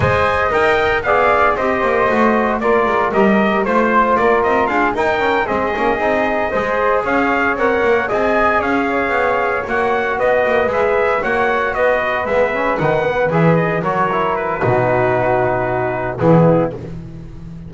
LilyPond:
<<
  \new Staff \with { instrumentName = "trumpet" } { \time 4/4 \tempo 4 = 115 gis''4 g''4 f''4 dis''4~ | dis''4 d''4 dis''4 c''4 | d''8 dis''8 f''8 g''4 dis''4.~ | dis''4. f''4 fis''4 gis''8~ |
gis''8 f''2 fis''4 dis''8~ | dis''8 e''4 fis''4 dis''4 e''8~ | e''8 fis''4 e''8 dis''8 cis''4 b'8~ | b'2. gis'4 | }
  \new Staff \with { instrumentName = "flute" } { \time 4/4 dis''2 d''4 c''4~ | c''4 ais'2 c''4 | ais'4 gis'8 ais'4 gis'4.~ | gis'8 c''4 cis''2 dis''8~ |
dis''8 cis''2. b'8~ | b'4. cis''4 b'4.~ | b'2~ b'8 ais'4. | fis'2. e'4 | }
  \new Staff \with { instrumentName = "trombone" } { \time 4/4 c''4 ais'4 gis'4 g'4 | fis'4 f'4 g'4 f'4~ | f'4. dis'8 cis'8 c'8 cis'8 dis'8~ | dis'8 gis'2 ais'4 gis'8~ |
gis'2~ gis'8 fis'4.~ | fis'8 gis'4 fis'2 b8 | cis'8 dis'8 b8 gis'4 fis'8 e'4 | dis'2. b4 | }
  \new Staff \with { instrumentName = "double bass" } { \time 4/4 gis4 dis'4 b4 c'8 ais8 | a4 ais8 gis8 g4 a4 | ais8 c'8 d'8 dis'4 gis8 ais8 c'8~ | c'8 gis4 cis'4 c'8 ais8 c'8~ |
c'8 cis'4 b4 ais4 b8 | ais8 gis4 ais4 b4 gis8~ | gis8 dis4 e4 fis4. | b,2. e4 | }
>>